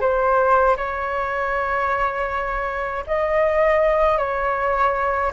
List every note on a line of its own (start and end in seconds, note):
0.00 0.76 C5
0.77 3.04 C#5
3.07 4.18 D#5
4.18 5.32 C#5